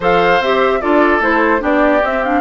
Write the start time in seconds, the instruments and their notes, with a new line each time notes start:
0.00 bassoon F3, clarinet A4, oboe C5, flute F5
0.40 bassoon C4, clarinet G4, flute E5
0.81 bassoon D4, clarinet F4, oboe A4, flute D5
1.20 bassoon A3, clarinet E4, flute C5
1.59 bassoon B3, clarinet D4, oboe G4, flute D5
2.02 bassoon C4, clarinet C4, flute E5
2.23 clarinet D4, flute F5